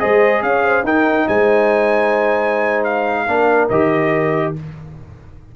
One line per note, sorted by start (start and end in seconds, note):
0.00 0.43 G#3
0.00 0.84 G#4
0.00 0.43 C5
0.00 0.42 D#5
0.43 0.84 C#4
0.43 0.64 C#5
0.43 0.85 F5
0.64 0.85 C5
0.84 1.26 D#4
0.84 3.28 D#4
0.84 1.27 A#4
0.84 1.28 G5
1.27 3.28 G#3
1.27 3.26 C5
1.27 2.84 G#5
2.84 3.68 F5
3.26 3.70 A#3
3.26 3.70 D4
3.26 4.52 A#4
3.69 4.55 D#3
3.69 4.56 G4
3.69 4.53 D#5